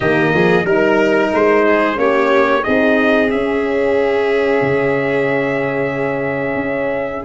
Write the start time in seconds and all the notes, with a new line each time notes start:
0.00 D#3 A#3 G4 D#5
0.34 F3 G#4
0.64 G3 D#4 A#4
1.34 G#3 C5
1.65 G#4
1.95 A#3 C#4 G4 C#5
2.63 C4 D#4 G#4 D#5
3.30 C#4 E5
4.61 C#3
6.55 C#4